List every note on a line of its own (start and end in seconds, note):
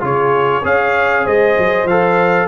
0.00 0.64 C#3
0.00 0.62 F4
0.00 0.63 G#4
0.00 0.65 C#5
0.63 1.26 C#4
0.63 1.87 G#4
0.63 1.24 C#5
0.63 1.26 F5
1.24 1.57 G#3
1.24 2.47 C5
1.24 1.87 D#5
1.57 1.84 F#3
1.84 2.45 F3
1.84 2.47 A4
1.84 2.47 F5